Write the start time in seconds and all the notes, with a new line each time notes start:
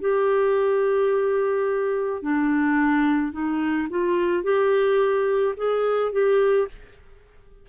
0.00 G4
2.22 D4
3.32 D#4
3.89 F4
4.43 G4
5.56 G#4
6.12 G4